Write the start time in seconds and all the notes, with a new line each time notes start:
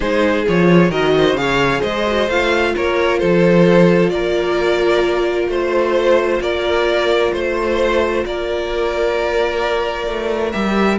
0.00 G#3 D#4 G#4 C5
0.47 F3 F4 C#5
0.89 D#3 F#4 A#4 D#5
1.17 C5
1.33 C#3 G#4 F5
1.40 C#5
1.80 G#3 C5 D#5
2.06 F#4
2.29 A3 F4 F5
2.75 A#3 A#4 C#5
3.18 F3 A4 C5
4.09 A#3 A#4 D5
5.48 A3 C5
6.40 A#3 A#4 D5
7.32 A3 C5
8.25 A#3 A#4 D5
10.07 A3
10.52 G3 G4 E5